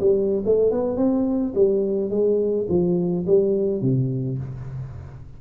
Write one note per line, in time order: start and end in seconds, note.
0.00 0.42 G3
0.45 0.71 A3
0.71 0.96 B3
0.96 1.53 C4
1.55 2.10 G3
2.10 2.67 G#3
2.69 3.25 F3
3.27 3.81 G3
3.81 4.38 C3